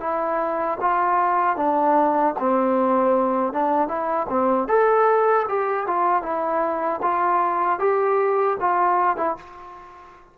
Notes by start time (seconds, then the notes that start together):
0.00 E4
0.81 F4
1.57 D4
2.39 C4
3.53 D4
3.88 E4
4.29 C4
4.68 A4
5.48 G4
5.87 F4
6.22 E4
7.02 F4
7.79 G4
8.60 F4
9.17 E4